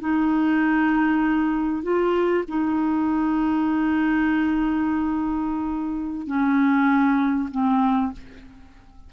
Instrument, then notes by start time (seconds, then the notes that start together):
clarinet
0.00 D#4
1.83 F4
2.48 D#4
6.27 C#4
7.51 C4